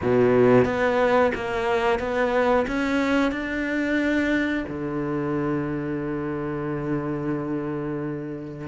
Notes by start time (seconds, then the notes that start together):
0.01 B2
0.65 B3
1.34 A#3
1.99 B3
2.67 C#4
3.31 D4
4.68 D3